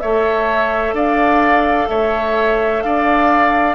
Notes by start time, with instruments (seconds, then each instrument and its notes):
0.00 bassoon A3, clarinet A4, oboe C#5, flute E5
0.93 bassoon D4, oboe D5, flute F5
1.89 bassoon A3, oboe C#5, flute E5
2.82 bassoon D4, oboe D5, flute F5